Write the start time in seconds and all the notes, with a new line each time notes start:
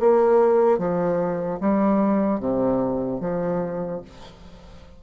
0.00 A#3
0.79 F3
1.60 G3
2.40 C3
3.20 F3